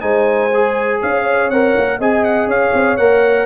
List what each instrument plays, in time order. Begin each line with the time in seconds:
0.00 tuba G#3, trombone D#4, horn C5, trumpet G#5
0.54 trombone G#4
1.01 tuba C#4, horn C#5, trumpet F5
1.50 tuba C4, trombone A#4, trumpet F#5
1.77 tuba A#3
1.99 tuba C4, trombone G#4, horn D#5, trumpet G#5
2.24 trumpet F#5
2.47 tuba C#4, horn C#5, trumpet F5
2.73 tuba C4
2.96 tuba A#3, trombone A#4, trumpet F#5